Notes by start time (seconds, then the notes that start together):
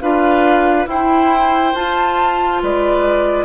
0.00 D4 F4 B4 F5
0.86 E4 C5 G5
1.74 F4 A5
2.62 G#3 B4 D5